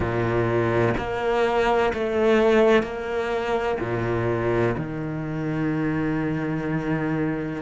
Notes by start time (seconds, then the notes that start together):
0.00 A#2
0.97 A#3
1.93 A3
2.83 A#3
3.80 A#2
4.77 D#3